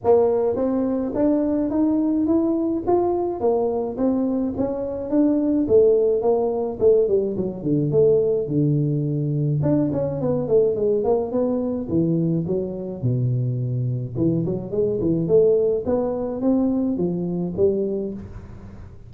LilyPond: \new Staff \with { instrumentName = "tuba" } { \time 4/4 \tempo 4 = 106 ais4 c'4 d'4 dis'4 | e'4 f'4 ais4 c'4 | cis'4 d'4 a4 ais4 | a8 g8 fis8 d8 a4 d4~ |
d4 d'8 cis'8 b8 a8 gis8 ais8 | b4 e4 fis4 b,4~ | b,4 e8 fis8 gis8 e8 a4 | b4 c'4 f4 g4 | }